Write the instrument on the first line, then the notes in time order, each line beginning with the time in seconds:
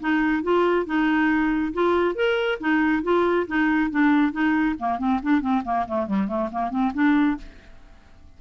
clarinet
0.00 D#4
0.43 F4
0.86 D#4
1.73 F4
2.15 A#4
2.60 D#4
3.03 F4
3.47 D#4
3.91 D4
4.32 D#4
4.79 A#3
4.99 C4
5.23 D4
5.41 C4
5.64 A#3
5.87 A3
6.07 G3
6.28 A3
6.52 A#3
6.70 C4
6.94 D4